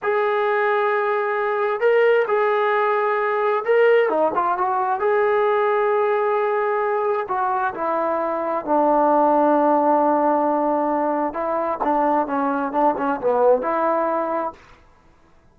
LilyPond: \new Staff \with { instrumentName = "trombone" } { \time 4/4 \tempo 4 = 132 gis'1 | ais'4 gis'2. | ais'4 dis'8 f'8 fis'4 gis'4~ | gis'1 |
fis'4 e'2 d'4~ | d'1~ | d'4 e'4 d'4 cis'4 | d'8 cis'8 b4 e'2 | }